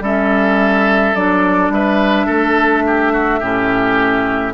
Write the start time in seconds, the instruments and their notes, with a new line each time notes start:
0.00 bassoon G3, clarinet C#4, oboe A4, flute E5
1.15 bassoon F#3, clarinet D4, flute D5
1.69 bassoon G3, oboe B4, flute E5
2.26 bassoon A3, oboe A4
2.87 oboe G4
3.12 oboe F#4
3.40 bassoon A2, clarinet C#4, oboe G4